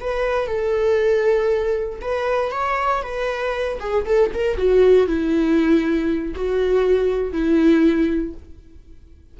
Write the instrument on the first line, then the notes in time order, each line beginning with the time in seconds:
viola
0.00 B4
0.47 A4
2.01 B4
2.51 C#5
3.02 B4
3.79 G#4
4.05 A4
4.34 A#4
4.57 F#4
5.07 E4
6.35 F#4
7.32 E4